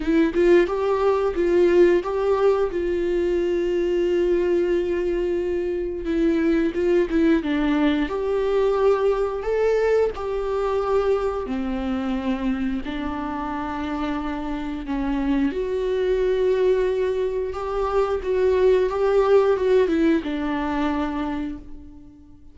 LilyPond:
\new Staff \with { instrumentName = "viola" } { \time 4/4 \tempo 4 = 89 e'8 f'8 g'4 f'4 g'4 | f'1~ | f'4 e'4 f'8 e'8 d'4 | g'2 a'4 g'4~ |
g'4 c'2 d'4~ | d'2 cis'4 fis'4~ | fis'2 g'4 fis'4 | g'4 fis'8 e'8 d'2 | }